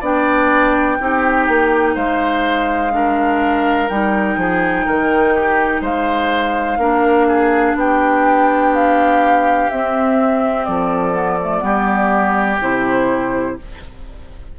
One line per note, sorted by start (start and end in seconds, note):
0.00 0.98 B3
0.00 0.99 D4
0.00 0.97 D5
0.00 1.96 G5
0.99 1.48 C4
0.99 2.92 D#4
0.99 1.95 G4
1.48 1.96 A#3
1.95 3.89 G#3
1.95 2.92 C5
1.95 3.89 F5
2.92 3.88 D4
2.92 4.39 A#4
3.89 4.36 G3
3.89 6.79 D#4
3.89 5.82 G5
4.36 4.85 F3
4.36 4.85 G#4
4.85 5.81 D#3
4.85 5.34 A#4
5.35 5.81 G4
5.81 6.77 G#3
5.81 6.78 C5
5.81 7.77 F5
6.77 7.74 A#3
6.77 9.70 D4
6.77 7.27 A#4
7.27 7.76 G#4
7.75 9.68 B3
7.75 10.67 G4
7.75 8.74 G5
8.74 9.70 F5
9.70 10.68 C4
9.70 11.14 C4
9.70 10.64 E5
10.64 11.62 F3
10.64 11.63 A4
10.64 12.57 D5
11.14 11.38 B3
11.42 11.59 A3
11.59 12.59 G3
11.59 12.56 B3
11.59 13.57 G4
12.60 13.57 C3
12.60 13.58 E4
12.60 13.59 C5